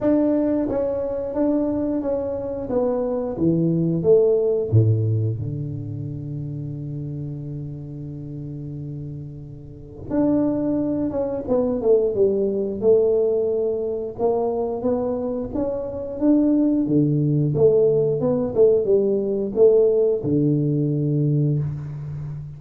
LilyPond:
\new Staff \with { instrumentName = "tuba" } { \time 4/4 \tempo 4 = 89 d'4 cis'4 d'4 cis'4 | b4 e4 a4 a,4 | d1~ | d2. d'4~ |
d'8 cis'8 b8 a8 g4 a4~ | a4 ais4 b4 cis'4 | d'4 d4 a4 b8 a8 | g4 a4 d2 | }